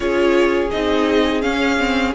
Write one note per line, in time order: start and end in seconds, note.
0.00 0.71 C#4
0.00 0.69 F4
0.00 2.14 G#4
0.00 0.69 C#5
0.71 1.45 C4
0.71 1.42 D#4
0.71 1.41 D#5
1.41 1.77 C#4
1.41 2.14 C#4
1.41 2.12 F5
1.78 2.13 C4